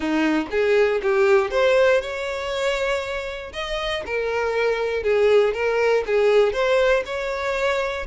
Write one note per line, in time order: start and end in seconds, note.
0.00 0.47 D#4
0.50 1.01 G#4
1.02 1.50 G4
1.50 2.01 C5
2.01 3.52 C#5
3.52 4.03 D#5
4.06 5.03 A#4
5.03 5.53 G#4
5.53 6.04 A#4
6.06 6.52 G#4
6.52 7.03 C5
7.05 8.06 C#5